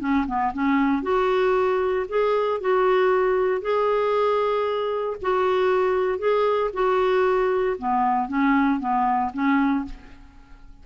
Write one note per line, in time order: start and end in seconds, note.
0.00 0.26 C#4
0.27 0.53 B3
0.54 1.03 C#4
1.03 2.06 F#4
2.09 2.61 G#4
2.61 3.62 F#4
3.62 5.17 G#4
5.22 6.19 F#4
6.19 6.71 G#4
6.74 7.77 F#4
7.79 8.29 B3
8.29 8.80 C#4
8.80 9.32 B3
9.34 9.85 C#4